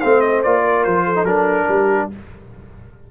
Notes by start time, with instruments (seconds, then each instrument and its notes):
0.00 tuba A3, trombone C4, horn C5, trumpet F5
0.21 trumpet D#5
0.43 tuba A#3, trombone F4, trumpet D5
0.64 horn A#4
0.84 tuba F3, trumpet C5
1.05 horn A4
1.15 trombone D#4
1.24 tuba F#3, trombone D4, trumpet A#4
1.68 tuba G3, horn G4